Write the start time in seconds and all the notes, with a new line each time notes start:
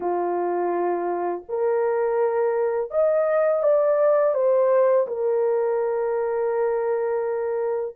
0.00 F4
1.48 A#4
2.90 D#5
3.62 D5
4.34 C5
5.07 A#4